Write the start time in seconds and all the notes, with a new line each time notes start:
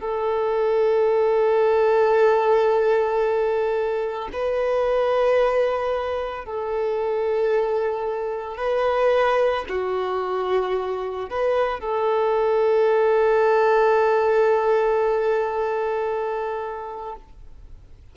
0.00 A4
4.33 B4
6.46 A4
8.58 B4
9.69 F#4
11.30 B4
11.81 A4